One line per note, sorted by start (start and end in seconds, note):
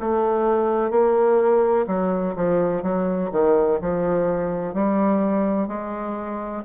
0.00 0.91 A3
0.91 1.86 A#3
1.87 2.35 F#3
2.36 2.83 F3
2.83 3.30 F#3
3.32 3.79 D#3
3.81 4.74 F3
4.74 5.68 G3
5.68 6.63 G#3